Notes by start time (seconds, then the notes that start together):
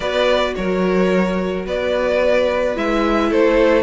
0.00 B3 F#4 B4 D5
0.55 F#3 A#4 C#5
1.65 B3 B4 D5
2.75 G#3 E4 E5
3.30 A3 A4 C5